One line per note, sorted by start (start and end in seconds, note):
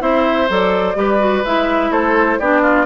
0.00 0.49 C4
0.00 0.48 E4
0.00 0.97 C5
0.00 0.49 E5
0.49 0.96 F#3
0.49 0.95 A4
0.49 1.45 D5
0.95 1.43 G3
0.95 1.19 G4
0.95 1.91 B4
1.19 1.43 F#4
1.45 1.91 G#3
1.45 2.41 E4
1.45 1.92 E5
1.91 2.39 A3
1.91 2.39 A4
1.91 2.39 C5
2.39 2.86 B3
2.39 2.86 D4
2.39 2.62 G4
2.39 2.86 D5
2.62 2.86 F4